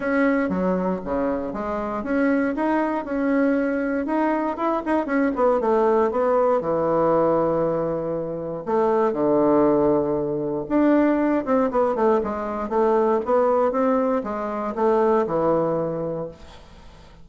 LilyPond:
\new Staff \with { instrumentName = "bassoon" } { \time 4/4 \tempo 4 = 118 cis'4 fis4 cis4 gis4 | cis'4 dis'4 cis'2 | dis'4 e'8 dis'8 cis'8 b8 a4 | b4 e2.~ |
e4 a4 d2~ | d4 d'4. c'8 b8 a8 | gis4 a4 b4 c'4 | gis4 a4 e2 | }